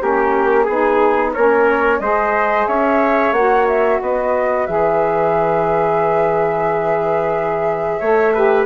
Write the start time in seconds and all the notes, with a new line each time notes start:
0.00 A#3 C#4 G4 A#4
0.64 B3 D#4 G#4
1.34 A#3 C#4 A#4 C#5
2.00 G#3 G#4 C5 D#5
2.67 C#4 C#5 E5
3.33 A#3 F#4 F#5
3.68 E5
4.02 B3 B4 D#5
4.67 E3 G#4 E5
8.00 A3 A4 C#5
8.34 G4 B4